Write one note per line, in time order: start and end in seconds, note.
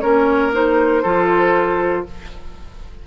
0.00 1.04 A#3
0.00 0.52 C#4
0.00 1.02 A#4
0.00 0.51 C#5
0.52 1.03 D#4
0.52 2.06 C5
1.02 2.06 F3
1.02 2.06 F4
1.02 2.04 A4